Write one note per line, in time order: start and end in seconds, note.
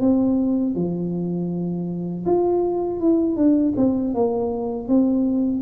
0.00 0.74 C4
0.74 2.24 F3
2.26 3.00 F4
3.00 3.36 E4
3.36 3.73 D4
3.76 4.14 C4
4.14 4.88 A#3
4.88 5.61 C4